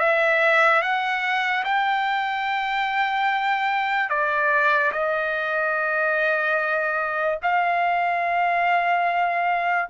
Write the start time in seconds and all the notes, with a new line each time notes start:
0.00 E5
0.82 F#5
1.64 G5
4.09 D5
4.92 D#5
7.43 F5